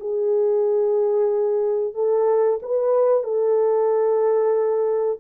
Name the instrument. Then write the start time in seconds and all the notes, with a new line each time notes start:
horn
0.00 G#4
1.94 A4
2.62 B4
3.23 A4